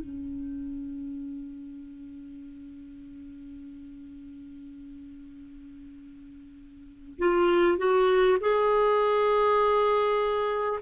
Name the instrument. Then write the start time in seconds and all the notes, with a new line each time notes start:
clarinet
0.00 C#4
7.19 F4
7.78 F#4
8.41 G#4